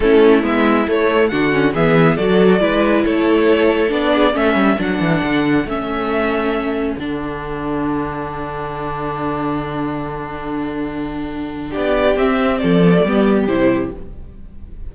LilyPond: <<
  \new Staff \with { instrumentName = "violin" } { \time 4/4 \tempo 4 = 138 a'4 e''4 cis''4 fis''4 | e''4 d''2 cis''4~ | cis''4 d''4 e''4 fis''4~ | fis''4 e''2. |
fis''1~ | fis''1~ | fis''2. d''4 | e''4 d''2 c''4 | }
  \new Staff \with { instrumentName = "violin" } { \time 4/4 e'2. fis'4 | gis'4 a'4 b'4 a'4~ | a'4. gis'8 a'2~ | a'1~ |
a'1~ | a'1~ | a'2. g'4~ | g'4 a'4 g'2 | }
  \new Staff \with { instrumentName = "viola" } { \time 4/4 cis'4 b4 a4 d'8 cis'8 | b4 fis'4 e'2~ | e'4 d'4 cis'4 d'4~ | d'4 cis'2. |
d'1~ | d'1~ | d'1 | c'4. b16 a16 b4 e'4 | }
  \new Staff \with { instrumentName = "cello" } { \time 4/4 a4 gis4 a4 d4 | e4 fis4 gis4 a4~ | a4 b4 a8 g8 fis8 e8 | d4 a2. |
d1~ | d1~ | d2. b4 | c'4 f4 g4 c4 | }
>>